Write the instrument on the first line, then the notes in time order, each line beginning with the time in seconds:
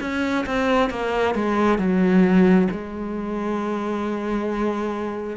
cello
0.00 C#4
0.46 C4
0.90 A#3
1.34 G#3
1.78 F#3
2.71 G#3